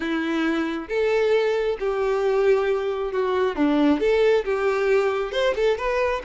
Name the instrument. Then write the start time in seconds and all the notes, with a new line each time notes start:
violin
0.00 E4
0.88 A4
1.79 G4
3.12 F#4
3.55 D4
4.00 A4
4.44 G4
5.32 C5
5.55 A4
5.77 B4